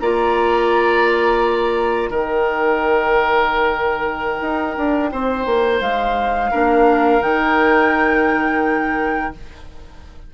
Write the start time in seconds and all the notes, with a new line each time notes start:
0.00 A#3 F4 D5 A#5
2.10 D#3 D#4 A#4 G5
4.41 D#4
4.77 D4
5.12 C4 C5
5.46 A#3
5.81 G#3 F5
6.51 A#3 D4 A#4
7.21 D#3 D#4 G5